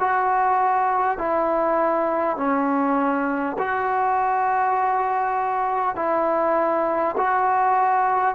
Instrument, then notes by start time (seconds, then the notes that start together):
trombone
0.00 F#4
1.18 E4
2.37 C#4
3.59 F#4
5.96 E4
7.17 F#4